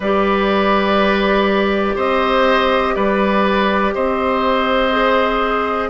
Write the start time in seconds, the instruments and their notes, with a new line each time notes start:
0.00 bassoon G3, clarinet G4, oboe B4, flute D5
1.95 bassoon C4, oboe C5, flute D#5
2.94 bassoon G3, oboe B4, flute D5
3.94 bassoon C4, oboe C5, flute D#5
4.92 clarinet G#4